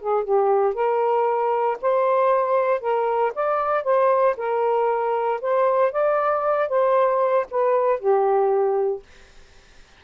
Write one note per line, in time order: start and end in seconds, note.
0.00 0.24 G#4
0.24 0.74 G4
0.74 1.77 A#4
1.81 2.80 C5
2.80 3.32 A#4
3.35 3.83 D5
3.83 4.35 C5
4.37 5.40 A#4
5.41 5.92 C5
5.92 6.69 D5
6.69 7.46 C5
7.50 7.99 B4
7.99 9.03 G4